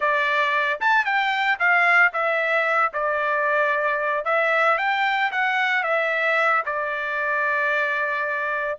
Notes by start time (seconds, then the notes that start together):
0.00 D5
0.80 A5
1.05 G5
1.59 F5
2.13 E5
2.93 D5
4.24 E5
4.78 G5
5.31 F#5
5.83 E5
6.65 D5